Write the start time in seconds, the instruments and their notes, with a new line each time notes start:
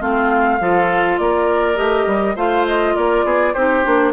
0.00 bassoon A3, clarinet C4, oboe F4, flute F5
0.60 bassoon F3, clarinet F4, oboe A4
1.18 bassoon A#3, oboe A#4, flute D5
1.75 bassoon A3, clarinet G4, flute D#5
2.07 bassoon G3
2.36 bassoon A3, clarinet F4, oboe C5, flute F5
2.67 flute D#5
2.95 bassoon A#3, oboe A#4, flute D5
3.24 bassoon B3, oboe G#4
3.54 bassoon C4, clarinet D#4, oboe G4, flute C5
3.84 bassoon A#3, clarinet D4